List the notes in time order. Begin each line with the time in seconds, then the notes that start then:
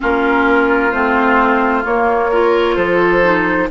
0.00 A#3 C#4 F4 A#4
0.91 A3 C4 C5
1.83 A#3 C#5
2.31 F4 A#4
2.75 F3 A4 C5
3.22 D#4